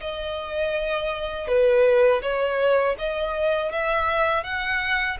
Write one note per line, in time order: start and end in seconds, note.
0.00 1.47 D#5
1.47 2.21 B4
2.22 2.96 C#5
2.98 3.72 D#5
3.72 4.43 E5
4.43 5.17 F#5